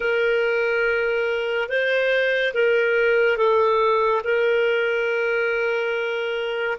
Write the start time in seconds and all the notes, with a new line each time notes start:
0.00 A#4
1.68 C5
2.54 A#4
3.36 A4
4.24 A#4